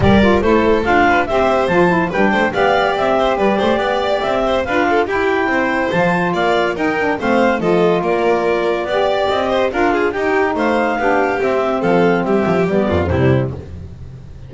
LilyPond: <<
  \new Staff \with { instrumentName = "clarinet" } { \time 4/4 \tempo 4 = 142 d''4 c''4 f''4 e''4 | a''4 g''4 f''4 e''4 | d''2 e''4 f''4 | g''2 a''4 f''4 |
g''4 f''4 dis''4 d''4~ | d''2 dis''4 f''4 | g''4 f''2 e''4 | f''4 e''4 d''4 c''4 | }
  \new Staff \with { instrumentName = "violin" } { \time 4/4 ais'4 a'4. b'8 c''4~ | c''4 b'8 c''8 d''4. c''8 | b'8 c''8 d''4. c''8 b'8 a'8 | g'4 c''2 d''4 |
ais'4 c''4 a'4 ais'4~ | ais'4 d''4. c''8 ais'8 gis'8 | g'4 c''4 g'2 | a'4 g'4. f'8 e'4 | }
  \new Staff \with { instrumentName = "saxophone" } { \time 4/4 g'8 f'8 e'4 f'4 g'4 | f'8 e'8 d'4 g'2~ | g'2. f'4 | e'2 f'2 |
dis'8 d'8 c'4 f'2~ | f'4 g'2 f'4 | dis'2 d'4 c'4~ | c'2 b4 g4 | }
  \new Staff \with { instrumentName = "double bass" } { \time 4/4 g4 a4 d'4 c'4 | f4 g8 a8 b4 c'4 | g8 a8 b4 c'4 d'4 | e'4 c'4 f4 ais4 |
dis'4 a4 f4 ais4~ | ais4 b4 c'4 d'4 | dis'4 a4 b4 c'4 | f4 g8 f8 g8 f,8 c4 | }
>>